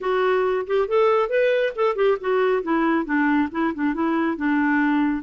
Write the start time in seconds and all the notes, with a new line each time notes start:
0.00 F#4
0.66 G4
0.88 A4
1.29 B4
1.75 A4
1.95 G4
2.20 F#4
2.62 E4
3.05 D4
3.51 E4
3.74 D4
3.94 E4
4.36 D4